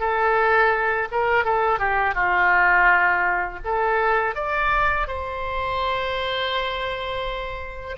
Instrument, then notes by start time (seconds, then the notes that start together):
oboe
0.00 A4
1.12 A#4
1.45 A4
1.79 G4
2.15 F4
3.65 A4
4.35 D5
5.08 C5